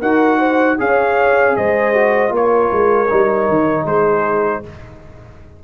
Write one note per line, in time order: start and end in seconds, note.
0.00 0.79 D#4
0.00 0.79 F#4
0.00 0.38 A#4
0.00 0.78 F#5
0.38 0.77 C5
0.79 1.57 C#4
0.79 1.94 G#4
0.79 1.57 C#5
0.79 1.57 F5
1.57 2.31 G#3
1.57 2.34 C5
1.57 2.34 D#5
1.94 2.29 F#4
2.29 2.69 A#3
2.29 3.06 F4
2.29 3.85 A#4
2.36 3.87 C#5
2.72 3.11 G#3
3.10 3.49 G3
3.10 4.63 D#4
3.49 3.85 D#3
3.85 4.62 G#3
3.85 4.62 G#4
3.85 4.64 C5